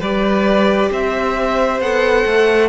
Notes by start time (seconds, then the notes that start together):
0.00 G3 G4 B4 D5
0.91 C4 C5 E5
1.80 B3 A4 F#5
2.26 A3